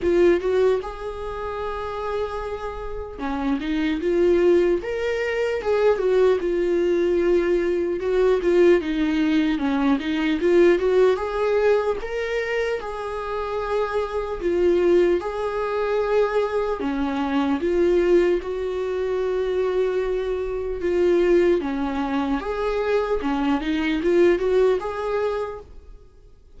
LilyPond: \new Staff \with { instrumentName = "viola" } { \time 4/4 \tempo 4 = 75 f'8 fis'8 gis'2. | cis'8 dis'8 f'4 ais'4 gis'8 fis'8 | f'2 fis'8 f'8 dis'4 | cis'8 dis'8 f'8 fis'8 gis'4 ais'4 |
gis'2 f'4 gis'4~ | gis'4 cis'4 f'4 fis'4~ | fis'2 f'4 cis'4 | gis'4 cis'8 dis'8 f'8 fis'8 gis'4 | }